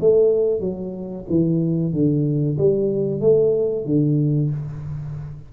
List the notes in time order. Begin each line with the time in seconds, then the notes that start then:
0.00 A3
0.60 F#3
1.29 E3
1.93 D3
2.57 G3
3.21 A3
3.85 D3